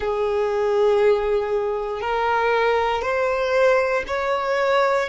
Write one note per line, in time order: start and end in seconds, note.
0.00 2.01 G#4
2.01 3.02 A#4
3.02 4.04 C5
4.07 5.08 C#5